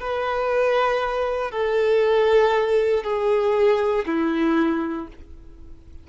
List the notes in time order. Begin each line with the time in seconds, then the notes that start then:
0.00 B4
1.51 A4
3.03 G#4
4.06 E4